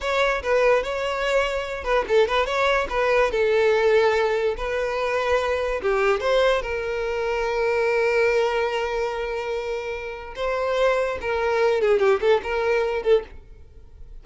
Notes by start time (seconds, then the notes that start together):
0.01 C#5
0.43 B4
0.83 C#5
1.84 B4
2.08 A4
2.27 B4
2.45 C#5
2.89 B4
3.31 A4
4.57 B4
5.82 G4
6.20 C5
6.62 A#4
10.35 C5
11.21 A#4
11.81 G#4
11.99 G4
12.20 A4
12.43 A#4
13.02 A4